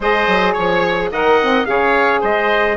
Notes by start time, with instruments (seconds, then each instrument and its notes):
0.00 bassoon G#3, saxophone G#4, oboe C5, trumpet D#5
0.27 bassoon F#3
0.53 bassoon F3, trumpet C#5, oboe C#5
1.11 bassoon D#3, saxophone A#4, oboe D#5, trumpet F#5
1.41 saxophone C4
1.65 bassoon C#3, saxophone G#4, oboe C#5, trumpet F5
2.20 bassoon G#3, oboe C5, trumpet D#5